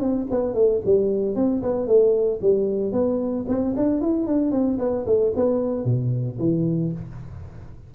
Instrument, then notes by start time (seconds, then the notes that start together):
tuba
0.00 C4
0.31 B3
0.55 A3
0.85 G3
1.35 C4
1.62 B3
1.87 A3
2.41 G3
2.93 B3
3.48 C4
3.77 D4
4.01 E4
4.27 D4
4.52 C4
4.79 B3
5.06 A3
5.36 B3
5.85 B2
6.39 E3